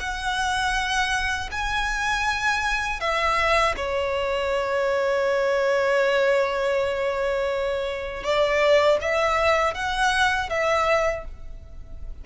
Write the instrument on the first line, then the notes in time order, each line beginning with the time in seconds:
violin
0.00 F#5
1.52 G#5
3.00 E5
3.77 C#5
8.24 D5
9.01 E5
9.75 F#5
10.50 E5